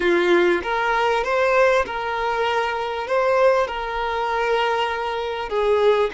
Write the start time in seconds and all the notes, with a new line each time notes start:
0.00 F4
0.62 A#4
1.24 C5
1.85 A#4
3.07 C5
3.67 A#4
5.49 G#4